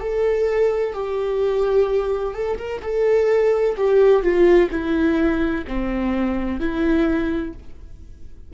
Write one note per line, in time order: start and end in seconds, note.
0.00 0.93 A4
0.93 2.34 G4
2.34 2.57 A4
2.57 2.81 A#4
2.82 3.76 A4
3.77 4.23 G4
4.23 4.70 F4
4.70 5.64 E4
5.67 6.60 C4
6.60 7.53 E4